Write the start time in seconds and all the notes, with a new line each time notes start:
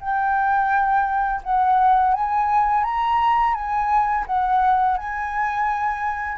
0.00 G5
1.43 F#5
2.14 G#5
2.84 A#5
3.54 G#5
4.27 F#5
4.97 G#5